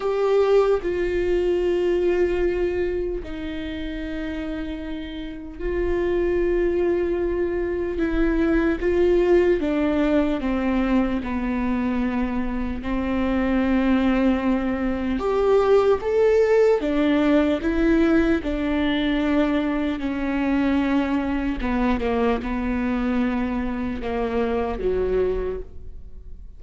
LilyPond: \new Staff \with { instrumentName = "viola" } { \time 4/4 \tempo 4 = 75 g'4 f'2. | dis'2. f'4~ | f'2 e'4 f'4 | d'4 c'4 b2 |
c'2. g'4 | a'4 d'4 e'4 d'4~ | d'4 cis'2 b8 ais8 | b2 ais4 fis4 | }